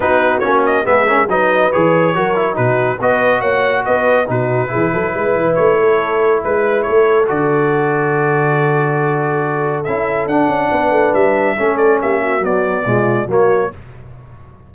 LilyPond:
<<
  \new Staff \with { instrumentName = "trumpet" } { \time 4/4 \tempo 4 = 140 b'4 cis''8 dis''8 e''4 dis''4 | cis''2 b'4 dis''4 | fis''4 dis''4 b'2~ | b'4 cis''2 b'4 |
cis''4 d''2.~ | d''2. e''4 | fis''2 e''4. d''8 | e''4 d''2 cis''4 | }
  \new Staff \with { instrumentName = "horn" } { \time 4/4 fis'2 gis'8 ais'8 b'4~ | b'4 ais'4 fis'4 b'4 | cis''4 b'4 fis'4 gis'8 a'8 | b'4. a'4. b'4 |
a'1~ | a'1~ | a'4 b'2 a'4 | g'8 fis'4. f'4 fis'4 | }
  \new Staff \with { instrumentName = "trombone" } { \time 4/4 dis'4 cis'4 b8 cis'8 dis'4 | gis'4 fis'8 e'8 dis'4 fis'4~ | fis'2 dis'4 e'4~ | e'1~ |
e'4 fis'2.~ | fis'2. e'4 | d'2. cis'4~ | cis'4 fis4 gis4 ais4 | }
  \new Staff \with { instrumentName = "tuba" } { \time 4/4 b4 ais4 gis4 fis4 | e4 fis4 b,4 b4 | ais4 b4 b,4 e8 fis8 | gis8 e8 a2 gis4 |
a4 d2.~ | d2. cis'4 | d'8 cis'8 b8 a8 g4 a4 | ais4 b4 b,4 fis4 | }
>>